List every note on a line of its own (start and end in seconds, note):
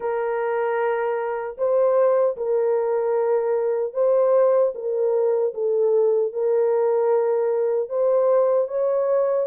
0.00 1.57 A#4
1.57 2.36 C5
2.36 3.93 A#4
3.93 4.72 C5
4.74 5.53 A#4
5.53 6.32 A4
6.32 7.89 A#4
7.89 8.67 C5
8.67 9.46 C#5